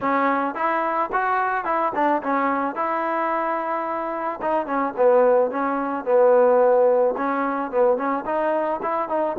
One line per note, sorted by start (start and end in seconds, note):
0.00 0.55 C#4
0.55 1.10 E4
1.12 1.64 F#4
1.64 1.92 E4
1.94 2.22 D4
2.22 2.75 C#4
2.75 4.40 E4
4.41 4.66 D#4
4.66 4.93 C#4
4.96 5.50 B3
5.50 6.04 C#4
6.04 7.14 B3
7.17 7.71 C#4
7.71 7.97 B3
7.97 8.24 C#4
8.25 8.80 D#4
8.82 9.09 E4
9.09 9.36 D#4